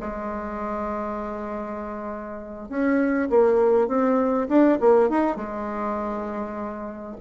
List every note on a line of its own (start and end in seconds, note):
0.00 2.69 G#3
2.69 3.29 C#4
3.30 3.88 A#3
3.88 4.48 C4
4.49 4.79 D4
4.81 5.09 A#3
5.09 5.36 D#4
5.36 7.16 G#3